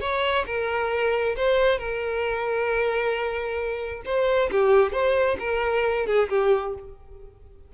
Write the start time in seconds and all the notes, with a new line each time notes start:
0.00 C#5
0.46 A#4
1.36 C5
1.78 A#4
4.05 C5
4.51 G4
4.92 C5
5.39 A#4
6.06 G#4
6.29 G4